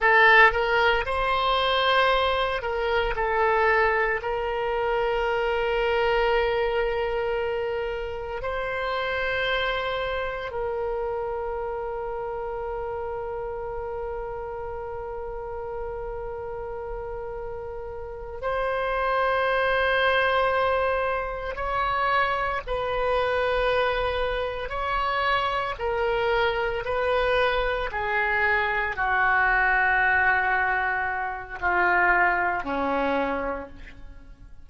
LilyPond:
\new Staff \with { instrumentName = "oboe" } { \time 4/4 \tempo 4 = 57 a'8 ais'8 c''4. ais'8 a'4 | ais'1 | c''2 ais'2~ | ais'1~ |
ais'4. c''2~ c''8~ | c''8 cis''4 b'2 cis''8~ | cis''8 ais'4 b'4 gis'4 fis'8~ | fis'2 f'4 cis'4 | }